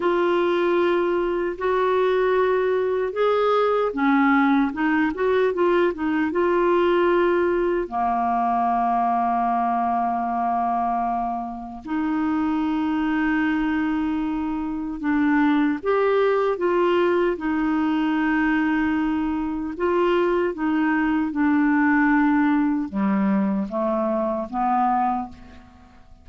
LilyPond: \new Staff \with { instrumentName = "clarinet" } { \time 4/4 \tempo 4 = 76 f'2 fis'2 | gis'4 cis'4 dis'8 fis'8 f'8 dis'8 | f'2 ais2~ | ais2. dis'4~ |
dis'2. d'4 | g'4 f'4 dis'2~ | dis'4 f'4 dis'4 d'4~ | d'4 g4 a4 b4 | }